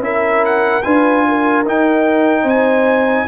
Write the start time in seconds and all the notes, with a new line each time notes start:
0.00 C#4 E4 A#4 E5
0.46 F#5
0.83 D4 F4 B4 G#5
1.29 A#4
1.67 D#4 G5
2.43 C4 C5
2.49 G#5